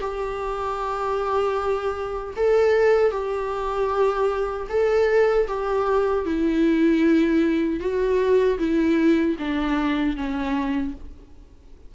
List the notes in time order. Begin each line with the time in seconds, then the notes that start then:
0.00 G4
2.36 A4
3.11 G4
4.69 A4
5.48 G4
6.25 E4
7.80 F#4
8.58 E4
9.38 D4
10.16 C#4